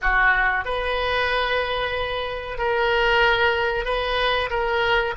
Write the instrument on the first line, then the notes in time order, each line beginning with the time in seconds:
oboe
0.01 F#4
0.65 B4
2.58 A#4
3.84 B4
4.50 A#4